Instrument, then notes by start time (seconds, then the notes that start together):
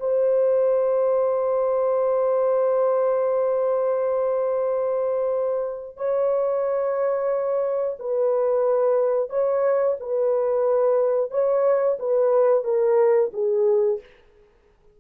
horn
0.00 C5
5.97 C#5
8.00 B4
9.30 C#5
10.00 B4
11.31 C#5
11.99 B4
12.64 A#4
13.33 G#4